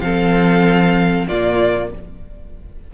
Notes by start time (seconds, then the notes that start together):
0.00 F3 C4 A4 F5
1.27 A#2 A#3 F4 D5